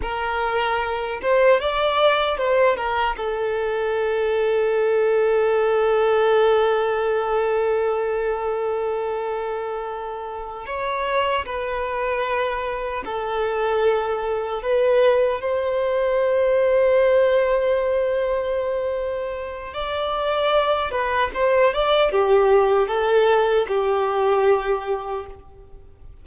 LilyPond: \new Staff \with { instrumentName = "violin" } { \time 4/4 \tempo 4 = 76 ais'4. c''8 d''4 c''8 ais'8 | a'1~ | a'1~ | a'4. cis''4 b'4.~ |
b'8 a'2 b'4 c''8~ | c''1~ | c''4 d''4. b'8 c''8 d''8 | g'4 a'4 g'2 | }